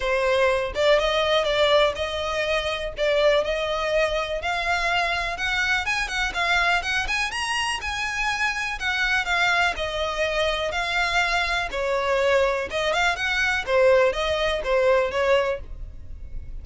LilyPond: \new Staff \with { instrumentName = "violin" } { \time 4/4 \tempo 4 = 123 c''4. d''8 dis''4 d''4 | dis''2 d''4 dis''4~ | dis''4 f''2 fis''4 | gis''8 fis''8 f''4 fis''8 gis''8 ais''4 |
gis''2 fis''4 f''4 | dis''2 f''2 | cis''2 dis''8 f''8 fis''4 | c''4 dis''4 c''4 cis''4 | }